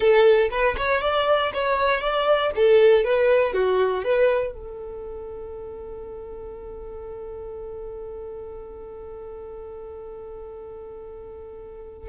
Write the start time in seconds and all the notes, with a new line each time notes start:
0.00 A4
0.50 B4
0.77 C#5
1.01 D5
1.53 C#5
2.00 D5
2.55 A4
3.04 B4
3.53 F#4
4.03 B4
4.53 A4